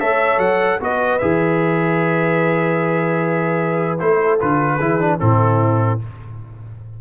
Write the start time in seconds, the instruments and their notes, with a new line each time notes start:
0.00 tuba A3, trombone A4, horn C#5, trumpet E5
0.38 tuba F#3, trumpet F#5
0.80 tuba B3, trombone F#4, horn B4, trumpet D#5
1.19 tuba E3, trombone G#4, trumpet E5
3.99 tuba A3, trombone E4, trumpet C5
4.21 horn A4
4.40 tuba D3, trombone F4, trumpet B4
4.76 tuba E3, trombone E4, horn G#4
5.00 trombone D4
5.20 tuba A2, trombone C4, horn E4, trumpet A4